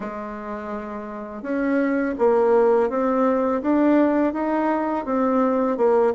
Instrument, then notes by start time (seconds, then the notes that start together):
bassoon
0.00 G#3
1.42 C#4
2.18 A#3
2.89 C4
3.61 D4
4.33 D#4
5.05 C4
5.77 A#3